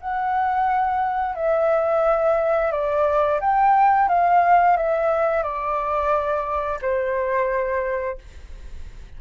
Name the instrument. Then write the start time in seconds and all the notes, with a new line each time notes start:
flute
0.00 F#5
1.35 E5
2.71 D5
3.40 G5
4.08 F5
4.77 E5
5.42 D5
6.82 C5